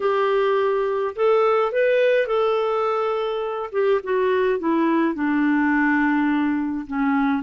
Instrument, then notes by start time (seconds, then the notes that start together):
clarinet
0.00 G4
1.15 A4
1.72 B4
2.26 A4
3.72 G4
4.03 F#4
4.59 E4
5.14 D4
6.86 C#4